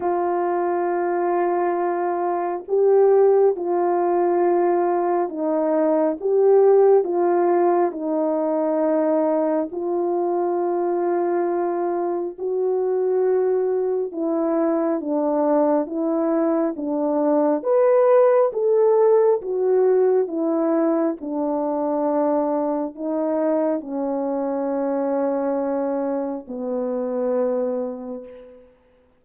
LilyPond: \new Staff \with { instrumentName = "horn" } { \time 4/4 \tempo 4 = 68 f'2. g'4 | f'2 dis'4 g'4 | f'4 dis'2 f'4~ | f'2 fis'2 |
e'4 d'4 e'4 d'4 | b'4 a'4 fis'4 e'4 | d'2 dis'4 cis'4~ | cis'2 b2 | }